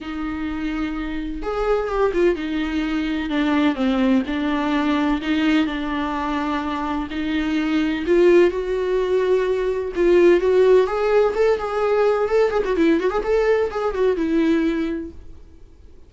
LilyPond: \new Staff \with { instrumentName = "viola" } { \time 4/4 \tempo 4 = 127 dis'2. gis'4 | g'8 f'8 dis'2 d'4 | c'4 d'2 dis'4 | d'2. dis'4~ |
dis'4 f'4 fis'2~ | fis'4 f'4 fis'4 gis'4 | a'8 gis'4. a'8 gis'16 fis'16 e'8 fis'16 gis'16 | a'4 gis'8 fis'8 e'2 | }